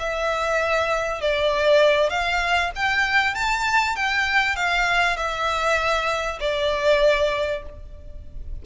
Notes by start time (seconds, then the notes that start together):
0.00 E5
1.22 D5
2.10 F5
2.76 G5
3.35 A5
3.96 G5
4.56 F5
5.17 E5
6.41 D5